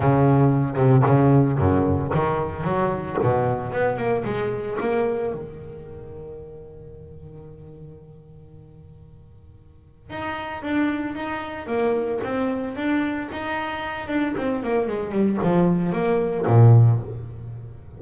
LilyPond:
\new Staff \with { instrumentName = "double bass" } { \time 4/4 \tempo 4 = 113 cis4. c8 cis4 fis,4 | dis4 fis4 b,4 b8 ais8 | gis4 ais4 dis2~ | dis1~ |
dis2. dis'4 | d'4 dis'4 ais4 c'4 | d'4 dis'4. d'8 c'8 ais8 | gis8 g8 f4 ais4 ais,4 | }